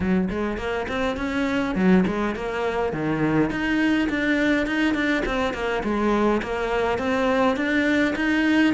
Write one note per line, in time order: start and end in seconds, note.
0.00 0.28 F#3
0.30 0.57 G#3
0.57 0.86 A#3
0.88 1.17 C4
1.17 1.75 C#4
1.75 2.04 F#3
2.06 2.35 G#3
2.35 2.93 A#3
2.93 3.50 D#3
3.50 4.08 D#4
4.09 4.66 D4
4.66 4.94 D#4
4.94 5.23 D4
5.25 5.53 C4
5.53 5.83 A#3
5.83 6.41 G#3
6.42 6.98 A#3
6.98 7.56 C4
7.56 8.14 D4
8.15 8.74 D#4